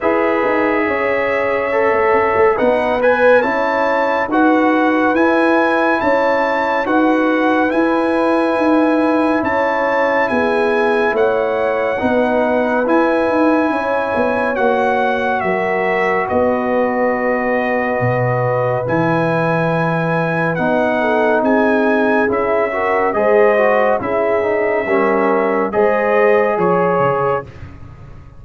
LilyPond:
<<
  \new Staff \with { instrumentName = "trumpet" } { \time 4/4 \tempo 4 = 70 e''2. fis''8 gis''8 | a''4 fis''4 gis''4 a''4 | fis''4 gis''2 a''4 | gis''4 fis''2 gis''4~ |
gis''4 fis''4 e''4 dis''4~ | dis''2 gis''2 | fis''4 gis''4 e''4 dis''4 | e''2 dis''4 cis''4 | }
  \new Staff \with { instrumentName = "horn" } { \time 4/4 b'4 cis''2 b'4 | cis''4 b'2 cis''4 | b'2. cis''4 | gis'4 cis''4 b'2 |
cis''2 ais'4 b'4~ | b'1~ | b'8 a'8 gis'4. ais'8 c''4 | gis'4 ais'4 c''4 cis''4 | }
  \new Staff \with { instrumentName = "trombone" } { \time 4/4 gis'2 a'4 dis'8 b'8 | e'4 fis'4 e'2 | fis'4 e'2.~ | e'2 dis'4 e'4~ |
e'4 fis'2.~ | fis'2 e'2 | dis'2 e'8 fis'8 gis'8 fis'8 | e'8 dis'8 cis'4 gis'2 | }
  \new Staff \with { instrumentName = "tuba" } { \time 4/4 e'8 dis'8 cis'4~ cis'16 a16 cis'16 a16 b4 | cis'4 dis'4 e'4 cis'4 | dis'4 e'4 dis'4 cis'4 | b4 a4 b4 e'8 dis'8 |
cis'8 b8 ais4 fis4 b4~ | b4 b,4 e2 | b4 c'4 cis'4 gis4 | cis'4 g4 gis4 f8 cis8 | }
>>